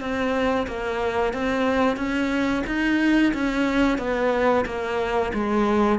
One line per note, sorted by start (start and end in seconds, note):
0.00 0.67 C4
0.67 1.34 A#3
1.34 1.97 C4
1.97 2.63 C#4
2.66 3.33 D#4
3.34 3.98 C#4
3.98 4.65 B3
4.65 5.32 A#3
5.34 5.99 G#3